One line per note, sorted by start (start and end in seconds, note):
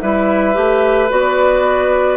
0.00 0.56 G3
0.00 0.53 E4
0.00 2.16 B4
0.00 1.09 E5
0.53 1.10 A3
0.53 1.08 G4
1.09 2.16 B3
1.09 2.16 F#4
1.09 2.16 D5